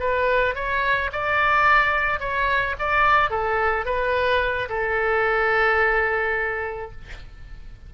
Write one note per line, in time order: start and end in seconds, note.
0.00 0.55 B4
0.55 1.11 C#5
1.12 2.20 D5
2.20 2.76 C#5
2.79 3.31 D5
3.31 3.86 A4
3.86 4.69 B4
4.69 6.91 A4